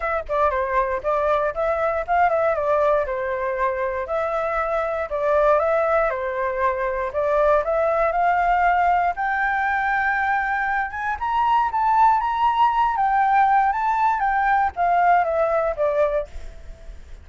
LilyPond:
\new Staff \with { instrumentName = "flute" } { \time 4/4 \tempo 4 = 118 e''8 d''8 c''4 d''4 e''4 | f''8 e''8 d''4 c''2 | e''2 d''4 e''4 | c''2 d''4 e''4 |
f''2 g''2~ | g''4. gis''8 ais''4 a''4 | ais''4. g''4. a''4 | g''4 f''4 e''4 d''4 | }